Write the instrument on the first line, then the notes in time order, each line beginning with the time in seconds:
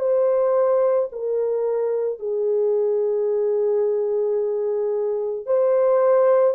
horn
0.00 C5
1.13 A#4
2.20 G#4
5.46 C5